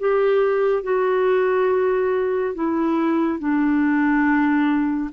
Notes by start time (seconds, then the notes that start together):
0.00 G4
0.83 F#4
2.55 E4
3.39 D4